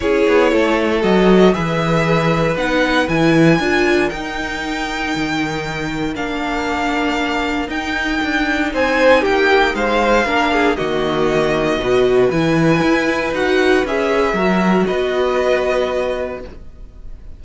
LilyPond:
<<
  \new Staff \with { instrumentName = "violin" } { \time 4/4 \tempo 4 = 117 cis''2 dis''4 e''4~ | e''4 fis''4 gis''2 | g''1 | f''2. g''4~ |
g''4 gis''4 g''4 f''4~ | f''4 dis''2. | gis''2 fis''4 e''4~ | e''4 dis''2. | }
  \new Staff \with { instrumentName = "violin" } { \time 4/4 gis'4 a'2 b'4~ | b'2. ais'4~ | ais'1~ | ais'1~ |
ais'4 c''4 g'4 c''4 | ais'8 gis'8 fis'2 b'4~ | b'1 | ais'4 b'2. | }
  \new Staff \with { instrumentName = "viola" } { \time 4/4 e'2 fis'4 gis'4~ | gis'4 dis'4 e'4 f'4 | dis'1 | d'2. dis'4~ |
dis'1 | d'4 ais2 fis'4 | e'2 fis'4 gis'4 | fis'1 | }
  \new Staff \with { instrumentName = "cello" } { \time 4/4 cis'8 b8 a4 fis4 e4~ | e4 b4 e4 d'4 | dis'2 dis2 | ais2. dis'4 |
d'4 c'4 ais4 gis4 | ais4 dis2 b,4 | e4 e'4 dis'4 cis'4 | fis4 b2. | }
>>